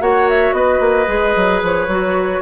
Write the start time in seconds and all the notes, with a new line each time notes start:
0.00 A#3 F#4 C#5 F#5
0.29 E5
0.52 B3 B4 D#5
0.80 A#3
1.06 G#3 G#4
1.36 F#3
1.63 F3 C#5
1.87 F#3 F#4